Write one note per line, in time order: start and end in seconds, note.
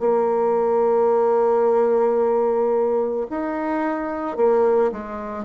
0.00 3.27 A#3
3.30 4.37 D#4
4.37 4.91 A#3
4.92 5.45 G#3